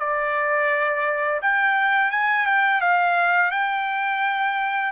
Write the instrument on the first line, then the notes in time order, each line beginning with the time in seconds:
trumpet
0.00 D5
1.42 G5
2.12 G#5
2.46 G5
2.82 F5
3.52 G5